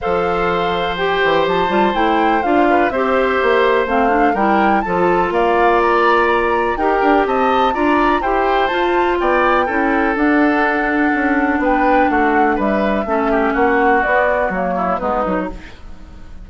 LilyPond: <<
  \new Staff \with { instrumentName = "flute" } { \time 4/4 \tempo 4 = 124 f''2 g''4 a''4 | g''4 f''4 e''2 | f''4 g''4 a''4 f''4 | ais''2 g''4 a''4 |
ais''4 g''4 a''4 g''4~ | g''4 fis''2. | g''4 fis''4 e''2 | fis''4 d''4 cis''4 b'4 | }
  \new Staff \with { instrumentName = "oboe" } { \time 4/4 c''1~ | c''4. b'8 c''2~ | c''4 ais'4 a'4 d''4~ | d''2 ais'4 dis''4 |
d''4 c''2 d''4 | a'1 | b'4 fis'4 b'4 a'8 g'8 | fis'2~ fis'8 e'8 dis'4 | }
  \new Staff \with { instrumentName = "clarinet" } { \time 4/4 a'2 g'4. f'8 | e'4 f'4 g'2 | c'8 d'8 e'4 f'2~ | f'2 g'2 |
f'4 g'4 f'2 | e'4 d'2.~ | d'2. cis'4~ | cis'4 b4 ais4 b8 dis'8 | }
  \new Staff \with { instrumentName = "bassoon" } { \time 4/4 f2~ f8 e8 f8 g8 | a4 d'4 c'4 ais4 | a4 g4 f4 ais4~ | ais2 dis'8 d'8 c'4 |
d'4 e'4 f'4 b4 | cis'4 d'2 cis'4 | b4 a4 g4 a4 | ais4 b4 fis4 gis8 fis8 | }
>>